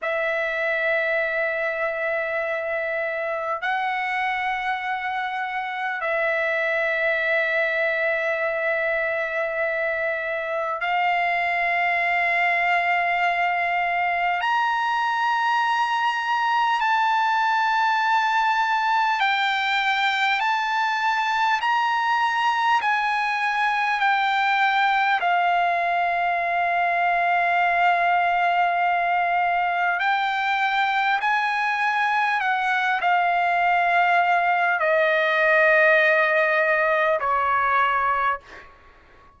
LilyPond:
\new Staff \with { instrumentName = "trumpet" } { \time 4/4 \tempo 4 = 50 e''2. fis''4~ | fis''4 e''2.~ | e''4 f''2. | ais''2 a''2 |
g''4 a''4 ais''4 gis''4 | g''4 f''2.~ | f''4 g''4 gis''4 fis''8 f''8~ | f''4 dis''2 cis''4 | }